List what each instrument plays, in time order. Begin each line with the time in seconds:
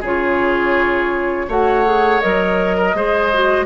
0.00 bassoon C#3, clarinet F4, oboe G#4, flute C#5
1.48 bassoon A3, clarinet F#4, oboe C#5, flute F#5
1.85 clarinet G#4
2.21 bassoon F#3, clarinet A#4, flute D#5
2.77 oboe A#4
2.94 bassoon G#3, clarinet G#4, oboe C5
3.34 clarinet F#4